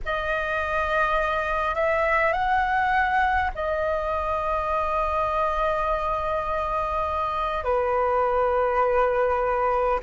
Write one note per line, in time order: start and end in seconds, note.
0.05 1.74 D#5
1.74 2.33 E5
2.33 3.50 F#5
3.55 7.64 D#5
7.64 9.99 B4